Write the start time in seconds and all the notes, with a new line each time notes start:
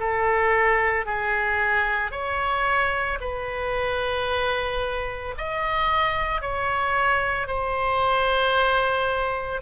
0.00 A4
1.06 G#4
2.12 C#5
3.21 B4
5.38 D#5
6.41 C#5
7.48 C5